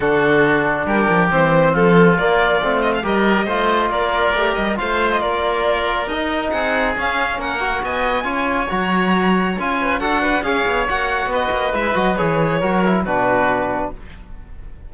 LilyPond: <<
  \new Staff \with { instrumentName = "violin" } { \time 4/4 \tempo 4 = 138 a'2 ais'4 c''4 | a'4 d''4. dis''16 f''16 dis''4~ | dis''4 d''4. dis''8 f''8. dis''16 | d''2 dis''4 fis''4 |
f''4 fis''4 gis''2 | ais''2 gis''4 fis''4 | f''4 fis''4 dis''4 e''8 dis''8 | cis''2 b'2 | }
  \new Staff \with { instrumentName = "oboe" } { \time 4/4 fis'2 g'2 | f'2. ais'4 | c''4 ais'2 c''4 | ais'2. gis'4~ |
gis'4 ais'4 dis''4 cis''4~ | cis''2~ cis''8 b'8 a'8 b'8 | cis''2 b'2~ | b'4 ais'4 fis'2 | }
  \new Staff \with { instrumentName = "trombone" } { \time 4/4 d'2. c'4~ | c'4 ais4 c'4 g'4 | f'2 g'4 f'4~ | f'2 dis'2 |
cis'4. fis'4. f'4 | fis'2 f'4 fis'4 | gis'4 fis'2 e'8 fis'8 | gis'4 fis'8 e'8 d'2 | }
  \new Staff \with { instrumentName = "cello" } { \time 4/4 d2 g8 f8 e4 | f4 ais4 a4 g4 | a4 ais4 a8 g8 a4 | ais2 dis'4 c'4 |
cis'4 ais4 b4 cis'4 | fis2 cis'4 d'4 | cis'8 b8 ais4 b8 ais8 gis8 fis8 | e4 fis4 b,2 | }
>>